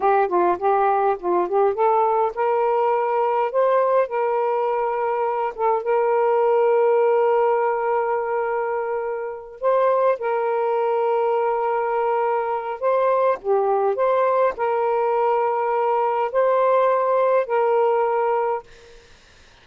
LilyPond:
\new Staff \with { instrumentName = "saxophone" } { \time 4/4 \tempo 4 = 103 g'8 f'8 g'4 f'8 g'8 a'4 | ais'2 c''4 ais'4~ | ais'4. a'8 ais'2~ | ais'1~ |
ais'8 c''4 ais'2~ ais'8~ | ais'2 c''4 g'4 | c''4 ais'2. | c''2 ais'2 | }